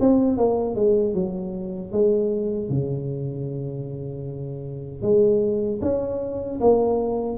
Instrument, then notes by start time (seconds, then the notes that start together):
tuba
0.00 C4
0.37 A#3
0.75 G#3
1.14 F#3
1.92 G#3
2.69 C#3
5.02 G#3
5.81 C#4
6.60 A#3